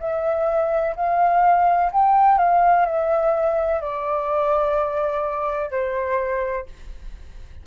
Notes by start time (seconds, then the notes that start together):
0.00 E5
0.96 F5
1.92 G5
2.38 F5
2.86 E5
3.81 D5
5.71 C5